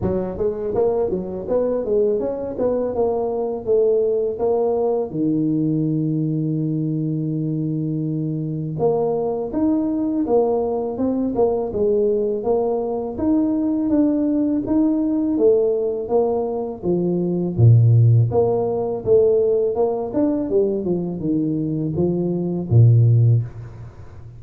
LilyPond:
\new Staff \with { instrumentName = "tuba" } { \time 4/4 \tempo 4 = 82 fis8 gis8 ais8 fis8 b8 gis8 cis'8 b8 | ais4 a4 ais4 dis4~ | dis1 | ais4 dis'4 ais4 c'8 ais8 |
gis4 ais4 dis'4 d'4 | dis'4 a4 ais4 f4 | ais,4 ais4 a4 ais8 d'8 | g8 f8 dis4 f4 ais,4 | }